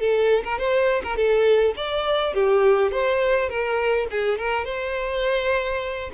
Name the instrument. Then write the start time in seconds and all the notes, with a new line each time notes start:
violin
0.00 A4
0.44 A#4
0.59 C5
1.04 A#4
1.16 A4
1.77 D5
2.34 G4
2.92 C5
3.49 A#4
4.11 G#4
4.38 A#4
4.65 C5